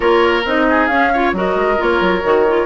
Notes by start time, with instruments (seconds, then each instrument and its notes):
0.00 bassoon A#3, clarinet F4, oboe A#4, flute C#5
0.45 bassoon C4, clarinet D#4, flute D#5
0.69 oboe G#4
0.87 bassoon C#4, clarinet C#4, flute F5
1.12 clarinet F4, oboe C#5
1.33 bassoon F#3, clarinet F#4, oboe A#4, flute D#5
1.55 bassoon G#3
1.77 bassoon A#3, clarinet F4, flute C#5
2.00 bassoon F#3
2.23 bassoon D#3, clarinet F#4
2.48 clarinet F4